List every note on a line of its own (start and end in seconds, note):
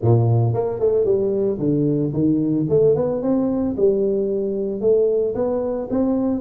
0.02 0.53 A#2
0.53 0.79 A#3
0.79 1.04 A3
1.04 1.58 G3
1.58 2.12 D3
2.13 2.66 D#3
2.69 2.95 A3
2.95 3.21 B3
3.21 3.75 C4
3.76 4.81 G3
4.81 5.34 A3
5.34 5.88 B3
5.90 6.41 C4